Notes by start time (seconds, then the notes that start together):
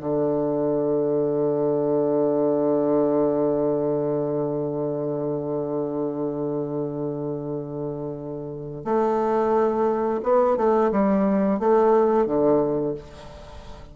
0.00 D3
8.85 A3
10.23 B3
10.57 A3
10.92 G3
11.59 A3
12.27 D3